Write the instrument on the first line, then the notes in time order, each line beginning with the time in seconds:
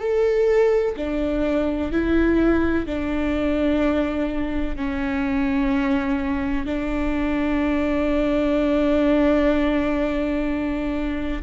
viola
0.00 A4
0.97 D4
1.92 E4
2.87 D4
4.77 C#4
6.66 D4